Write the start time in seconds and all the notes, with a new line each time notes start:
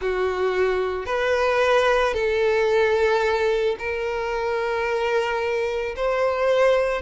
0.01 F#4
1.06 B4
2.14 A4
3.78 A#4
5.96 C5